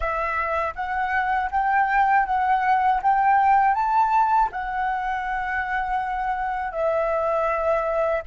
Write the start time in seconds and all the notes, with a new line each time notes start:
0.00 E5
0.75 F#5
1.51 G5
2.25 F#5
3.02 G5
3.74 A5
4.51 F#5
6.72 E5